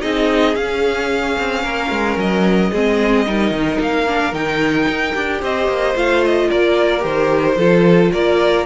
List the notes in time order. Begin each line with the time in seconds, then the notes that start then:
0.00 C4 D#4 G#4 D#5
0.55 C#4 F5
1.38 C4
1.62 A#3 A#4
1.90 G#3
2.16 F#3 D#5
2.70 G#3 C4 G#4
3.25 G3 D#4 A#4
3.50 D#3
3.79 A#3 F5
4.07 D4
4.32 D#3 D#4 G5
4.88 D#4
5.15 D4 G4
5.40 C4 C5 D#5
5.67 A#3
5.95 A3 F4 F5
6.24 D#5
6.50 A#3 A#4 D5
6.99 D#3 G4 C5
7.56 F3 F4 A4
8.12 A#3 A#4 D5